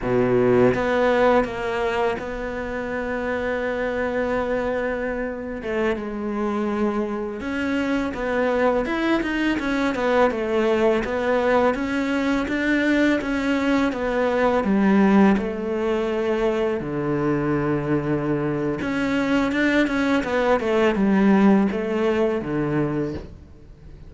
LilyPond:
\new Staff \with { instrumentName = "cello" } { \time 4/4 \tempo 4 = 83 b,4 b4 ais4 b4~ | b2.~ b8. a16~ | a16 gis2 cis'4 b8.~ | b16 e'8 dis'8 cis'8 b8 a4 b8.~ |
b16 cis'4 d'4 cis'4 b8.~ | b16 g4 a2 d8.~ | d2 cis'4 d'8 cis'8 | b8 a8 g4 a4 d4 | }